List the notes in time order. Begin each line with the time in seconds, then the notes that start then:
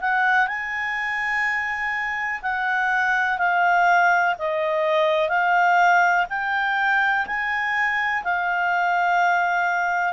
0.00 F#5
0.47 G#5
2.42 F#5
3.38 F5
4.38 D#5
5.29 F5
6.29 G5
7.26 G#5
8.23 F5